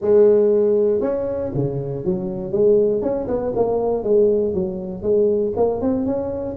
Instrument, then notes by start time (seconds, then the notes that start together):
tuba
0.01 G#3
1.00 C#4
1.54 C#3
2.04 F#3
2.52 G#3
3.02 C#4
3.27 B3
3.55 A#3
4.03 G#3
4.54 F#3
5.02 G#3
5.56 A#3
5.81 C4
6.05 C#4